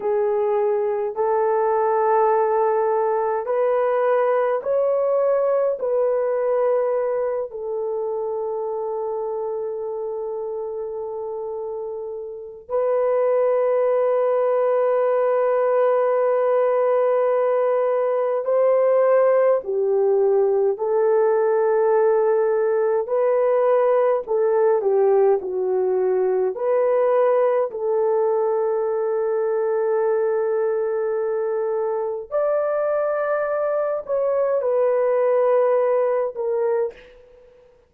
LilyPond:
\new Staff \with { instrumentName = "horn" } { \time 4/4 \tempo 4 = 52 gis'4 a'2 b'4 | cis''4 b'4. a'4.~ | a'2. b'4~ | b'1 |
c''4 g'4 a'2 | b'4 a'8 g'8 fis'4 b'4 | a'1 | d''4. cis''8 b'4. ais'8 | }